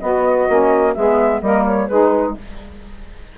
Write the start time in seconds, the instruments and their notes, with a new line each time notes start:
0.00 saxophone B3 F#4, bassoon B3, flute D#5
0.48 bassoon A#3, saxophone C#4
0.94 bassoon G#3, saxophone B3 G#4, flute E5
1.41 bassoon G3, saxophone A#3 A#4, flute D#5
1.65 flute C#5
1.87 bassoon G#3, saxophone D#4 G#4, flute B4